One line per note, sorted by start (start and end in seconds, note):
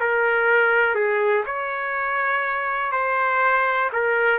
0.00 0.95 A#4
0.95 1.44 G#4
1.46 2.92 C#5
2.92 3.90 C5
3.93 4.39 A#4